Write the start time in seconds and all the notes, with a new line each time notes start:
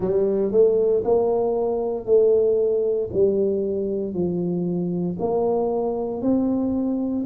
0.00 G3
0.51 A3
1.04 A#3
2.05 A3
3.13 G3
4.13 F3
5.19 A#3
6.21 C4